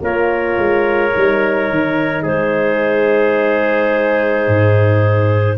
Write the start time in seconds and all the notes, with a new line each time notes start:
0.00 A#3 F4 A#4 C#5
0.57 G#3
1.12 G3 D#4
1.70 D#3
2.22 G#3 G#4 C5
4.47 G#2